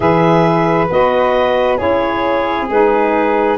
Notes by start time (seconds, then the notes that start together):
0.00 E3 G#4 B4 E5
0.89 B3 F#4 D#5
1.77 C#4 E4 G#4 C#5
2.69 G#3 D#4 B4